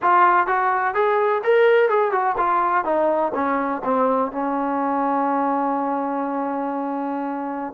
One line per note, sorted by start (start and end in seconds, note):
0.02 0.46 F4
0.46 0.94 F#4
0.94 1.42 G#4
1.43 1.89 A#4
1.89 2.11 G#4
2.11 2.35 F#4
2.37 2.84 F4
2.84 3.32 D#4
3.34 3.82 C#4
3.84 4.31 C4
4.31 7.73 C#4